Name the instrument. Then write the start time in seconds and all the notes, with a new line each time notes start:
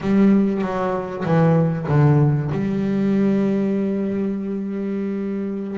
double bass
0.00 G3
0.61 F#3
1.24 E3
1.88 D3
2.51 G3